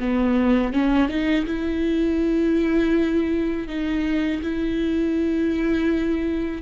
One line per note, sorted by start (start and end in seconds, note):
0.00 0.73 B3
0.73 1.09 C#4
1.09 1.46 D#4
1.46 3.68 E4
3.68 4.42 D#4
4.43 6.63 E4